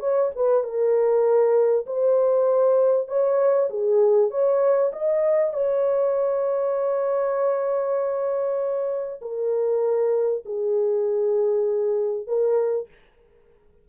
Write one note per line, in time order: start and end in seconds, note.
0.00 0.31 C#5
0.36 0.64 B4
0.64 1.86 A#4
1.86 3.08 C5
3.08 3.69 C#5
3.70 4.31 G#4
4.31 4.92 C#5
4.93 5.54 D#5
5.54 9.21 C#5
9.21 10.44 A#4
10.46 12.27 G#4
12.27 12.88 A#4